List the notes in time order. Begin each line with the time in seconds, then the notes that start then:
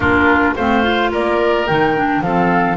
0.00 A#3 D4 F4 A#4
0.56 A3 C4 C5 F5
0.83 F4
1.11 A#3 A#4 D5
1.67 D#3 D#4 G5
1.95 D4
2.21 F3 C4 A4 F5